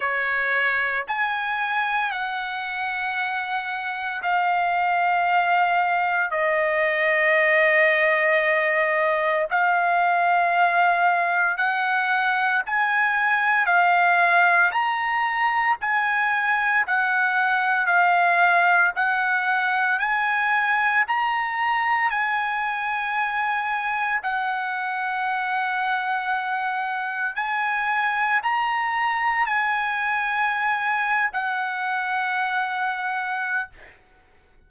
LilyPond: \new Staff \with { instrumentName = "trumpet" } { \time 4/4 \tempo 4 = 57 cis''4 gis''4 fis''2 | f''2 dis''2~ | dis''4 f''2 fis''4 | gis''4 f''4 ais''4 gis''4 |
fis''4 f''4 fis''4 gis''4 | ais''4 gis''2 fis''4~ | fis''2 gis''4 ais''4 | gis''4.~ gis''16 fis''2~ fis''16 | }